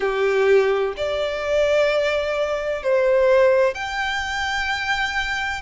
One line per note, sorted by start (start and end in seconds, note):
0.00 0.94 G4
0.96 2.82 D5
2.82 3.74 C5
3.74 5.61 G5